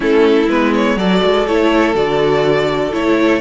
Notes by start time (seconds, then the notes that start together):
0.00 A3 C#4 E4 A4
0.48 G#3 B3 B4
0.74 C#5
0.96 F#3 F#4 A4 D5
1.23 G#3
1.46 A3 E4 C#5
1.94 D3 F#4 D5
2.92 A3 E4 C#5